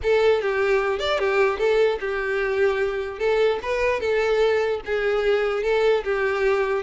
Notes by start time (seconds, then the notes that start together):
0.02 A4
0.41 G4
0.99 D5
1.18 G4
1.58 A4
2.00 G4
3.19 A4
3.62 B4
4.00 A4
4.85 G#4
5.63 A4
6.04 G4